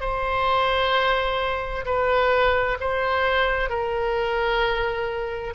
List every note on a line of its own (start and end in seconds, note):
0.00 1.85 C5
1.85 2.77 B4
2.80 3.69 C5
3.69 5.53 A#4